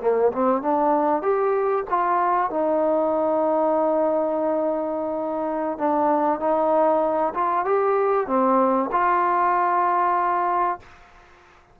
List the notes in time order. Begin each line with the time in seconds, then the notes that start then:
0.00 A#3
0.32 C4
0.61 D4
1.22 G4
1.89 F4
2.50 D#4
5.78 D4
6.39 D#4
7.34 F4
7.65 G4
8.27 C4
8.91 F4